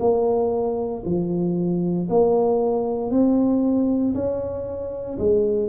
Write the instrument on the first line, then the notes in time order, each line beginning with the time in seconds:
tuba
0.00 A#3
1.05 F3
2.10 A#3
3.11 C4
4.15 C#4
5.19 G#3